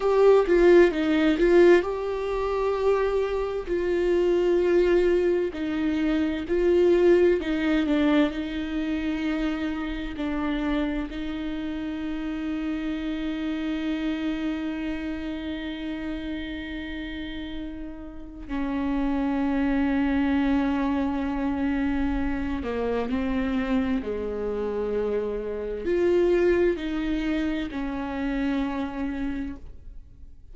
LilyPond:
\new Staff \with { instrumentName = "viola" } { \time 4/4 \tempo 4 = 65 g'8 f'8 dis'8 f'8 g'2 | f'2 dis'4 f'4 | dis'8 d'8 dis'2 d'4 | dis'1~ |
dis'1 | cis'1~ | cis'8 ais8 c'4 gis2 | f'4 dis'4 cis'2 | }